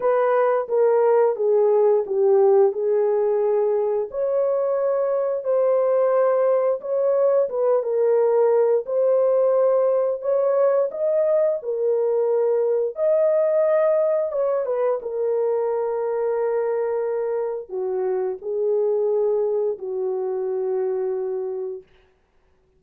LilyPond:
\new Staff \with { instrumentName = "horn" } { \time 4/4 \tempo 4 = 88 b'4 ais'4 gis'4 g'4 | gis'2 cis''2 | c''2 cis''4 b'8 ais'8~ | ais'4 c''2 cis''4 |
dis''4 ais'2 dis''4~ | dis''4 cis''8 b'8 ais'2~ | ais'2 fis'4 gis'4~ | gis'4 fis'2. | }